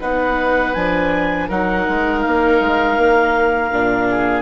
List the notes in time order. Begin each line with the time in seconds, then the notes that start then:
0.00 B3 D#4 B4 F#5
0.73 F3 D4 G#5
1.48 F#3 D#4 A#4 F#5
1.88 G#3
2.21 A#3 F5
2.60 G#3
2.97 A#3
3.71 A#2 D4
4.10 G#4